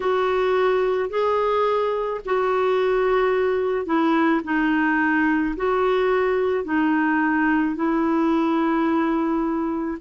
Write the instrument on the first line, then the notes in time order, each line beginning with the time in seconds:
clarinet
0.00 F#4
1.09 G#4
2.25 F#4
3.85 E4
4.43 D#4
5.56 F#4
6.64 D#4
7.75 E4